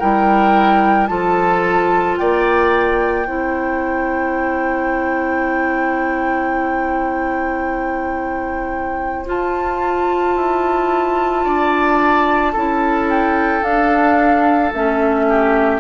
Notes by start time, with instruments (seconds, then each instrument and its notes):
0.00 bassoon G3, clarinet E4, oboe A#4, flute G5
1.07 bassoon F3, clarinet F4, oboe A4, flute A5
2.17 bassoon A#3, oboe D5, flute G5
3.27 bassoon C4, clarinet E4, oboe C5
9.26 clarinet F4, bassoon F4, flute A5
10.37 bassoon E4
11.44 bassoon D4, oboe D5
12.53 bassoon C#4, clarinet E4, oboe A4
13.10 flute G5
13.62 clarinet D4, bassoon D4, flute F5
14.73 bassoon A3, clarinet C#4, flute E5
15.30 oboe G4